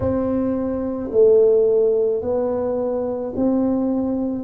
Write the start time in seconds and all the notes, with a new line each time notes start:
0.00 C4
1.12 A3
2.22 B3
3.35 C4